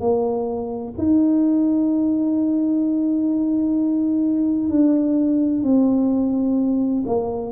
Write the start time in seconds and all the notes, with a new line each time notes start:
0.00 A#3
0.98 D#4
4.70 D4
5.63 C4
7.06 A#3